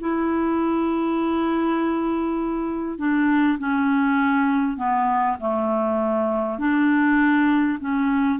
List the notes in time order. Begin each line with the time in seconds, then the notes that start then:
0.00 E4
2.98 D4
3.58 C#4
4.77 B3
5.39 A3
6.59 D4
7.79 C#4